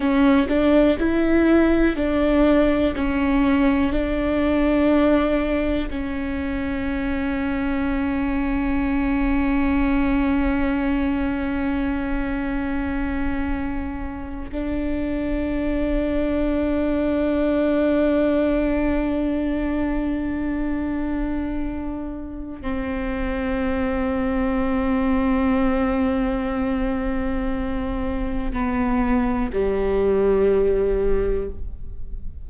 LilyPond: \new Staff \with { instrumentName = "viola" } { \time 4/4 \tempo 4 = 61 cis'8 d'8 e'4 d'4 cis'4 | d'2 cis'2~ | cis'1~ | cis'2~ cis'8. d'4~ d'16~ |
d'1~ | d'2. c'4~ | c'1~ | c'4 b4 g2 | }